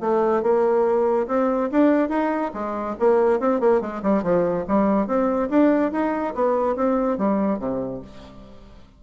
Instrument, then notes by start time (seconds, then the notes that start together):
bassoon
0.00 A3
0.42 A#3
1.27 C4
1.71 D4
2.09 D#4
2.54 G#3
2.99 A#3
3.40 C4
3.60 A#3
3.81 G#3
4.03 G3
4.23 F3
4.68 G3
5.07 C4
5.50 D4
5.92 D#4
6.34 B3
6.76 C4
7.18 G3
7.59 C3